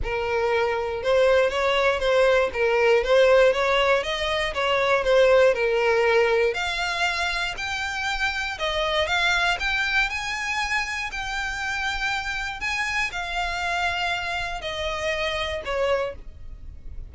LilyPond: \new Staff \with { instrumentName = "violin" } { \time 4/4 \tempo 4 = 119 ais'2 c''4 cis''4 | c''4 ais'4 c''4 cis''4 | dis''4 cis''4 c''4 ais'4~ | ais'4 f''2 g''4~ |
g''4 dis''4 f''4 g''4 | gis''2 g''2~ | g''4 gis''4 f''2~ | f''4 dis''2 cis''4 | }